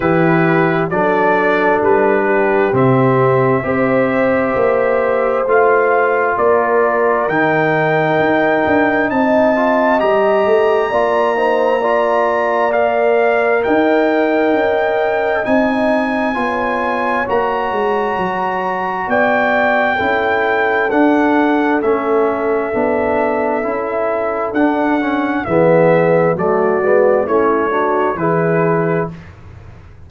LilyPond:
<<
  \new Staff \with { instrumentName = "trumpet" } { \time 4/4 \tempo 4 = 66 b'4 d''4 b'4 e''4~ | e''2 f''4 d''4 | g''2 a''4 ais''4~ | ais''2 f''4 g''4~ |
g''4 gis''2 ais''4~ | ais''4 g''2 fis''4 | e''2. fis''4 | e''4 d''4 cis''4 b'4 | }
  \new Staff \with { instrumentName = "horn" } { \time 4/4 g'4 a'4. g'4. | c''2. ais'4~ | ais'2 dis''2 | d''8 c''8 d''2 dis''4~ |
dis''2 cis''2~ | cis''4 d''4 a'2~ | a'1 | gis'4 fis'4 e'8 fis'8 gis'4 | }
  \new Staff \with { instrumentName = "trombone" } { \time 4/4 e'4 d'2 c'4 | g'2 f'2 | dis'2~ dis'8 f'8 g'4 | f'8 dis'8 f'4 ais'2~ |
ais'4 dis'4 f'4 fis'4~ | fis'2 e'4 d'4 | cis'4 d'4 e'4 d'8 cis'8 | b4 a8 b8 cis'8 d'8 e'4 | }
  \new Staff \with { instrumentName = "tuba" } { \time 4/4 e4 fis4 g4 c4 | c'4 ais4 a4 ais4 | dis4 dis'8 d'8 c'4 g8 a8 | ais2. dis'4 |
cis'4 c'4 b4 ais8 gis8 | fis4 b4 cis'4 d'4 | a4 b4 cis'4 d'4 | e4 fis8 gis8 a4 e4 | }
>>